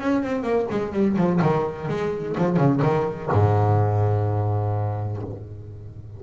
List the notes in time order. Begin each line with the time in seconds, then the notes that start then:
0.00 C#4
0.23 C4
0.42 A#3
0.70 G#3
0.92 G3
1.17 F3
1.42 D#3
1.88 G#3
2.37 F3
2.57 C#3
2.82 D#3
3.32 G#2